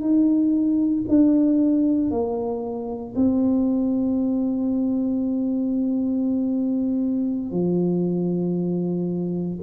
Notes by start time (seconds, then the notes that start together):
0.00 D#4
1.08 D4
2.10 A#3
3.15 C4
7.51 F3